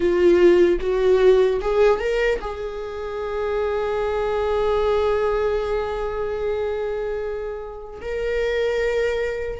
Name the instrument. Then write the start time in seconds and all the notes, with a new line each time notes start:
viola
0.00 F4
0.80 F#4
1.61 G#4
1.99 A#4
2.40 G#4
8.01 A#4